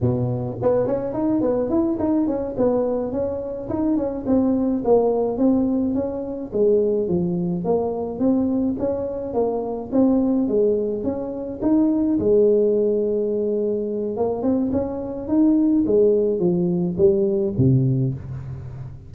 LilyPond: \new Staff \with { instrumentName = "tuba" } { \time 4/4 \tempo 4 = 106 b,4 b8 cis'8 dis'8 b8 e'8 dis'8 | cis'8 b4 cis'4 dis'8 cis'8 c'8~ | c'8 ais4 c'4 cis'4 gis8~ | gis8 f4 ais4 c'4 cis'8~ |
cis'8 ais4 c'4 gis4 cis'8~ | cis'8 dis'4 gis2~ gis8~ | gis4 ais8 c'8 cis'4 dis'4 | gis4 f4 g4 c4 | }